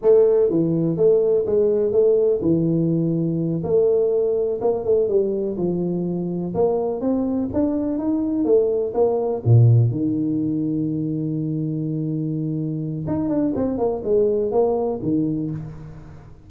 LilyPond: \new Staff \with { instrumentName = "tuba" } { \time 4/4 \tempo 4 = 124 a4 e4 a4 gis4 | a4 e2~ e8 a8~ | a4. ais8 a8 g4 f8~ | f4. ais4 c'4 d'8~ |
d'8 dis'4 a4 ais4 ais,8~ | ais,8 dis2.~ dis8~ | dis2. dis'8 d'8 | c'8 ais8 gis4 ais4 dis4 | }